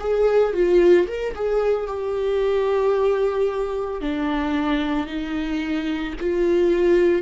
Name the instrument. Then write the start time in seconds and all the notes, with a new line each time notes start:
viola
0.00 G#4
0.54 F4
1.08 A#4
1.35 G#4
1.87 G4
4.01 D4
5.06 D#4
6.20 F4